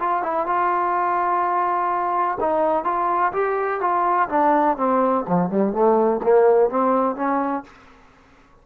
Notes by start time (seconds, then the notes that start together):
0.00 F4
0.23 E4
0.47 F4
2.40 D#4
2.85 F4
3.33 G4
3.81 F4
4.29 D4
4.78 C4
5.28 F3
5.50 G3
5.73 A3
6.24 A#3
6.70 C4
7.16 C#4